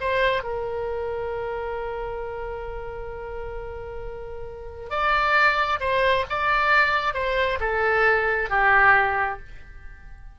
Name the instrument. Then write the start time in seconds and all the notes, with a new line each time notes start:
oboe
0.00 C5
0.43 A#4
4.90 D5
5.79 C5
6.29 D5
7.14 C5
7.60 A4
8.49 G4